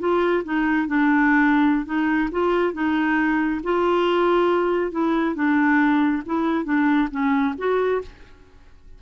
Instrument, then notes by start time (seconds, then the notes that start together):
clarinet
0.00 F4
0.45 D#4
0.88 D4
1.86 D#4
2.32 F4
2.74 D#4
3.64 F4
4.92 E4
5.35 D4
6.26 E4
6.65 D4
7.11 C#4
7.58 F#4